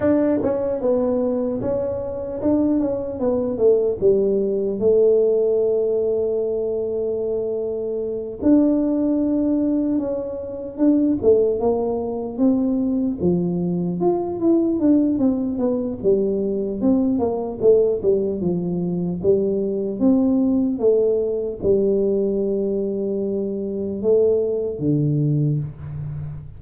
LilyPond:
\new Staff \with { instrumentName = "tuba" } { \time 4/4 \tempo 4 = 75 d'8 cis'8 b4 cis'4 d'8 cis'8 | b8 a8 g4 a2~ | a2~ a8 d'4.~ | d'8 cis'4 d'8 a8 ais4 c'8~ |
c'8 f4 f'8 e'8 d'8 c'8 b8 | g4 c'8 ais8 a8 g8 f4 | g4 c'4 a4 g4~ | g2 a4 d4 | }